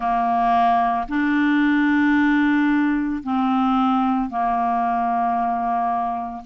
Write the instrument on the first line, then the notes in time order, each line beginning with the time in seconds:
clarinet
0.00 A#3
1.08 D4
3.23 C4
4.29 A#3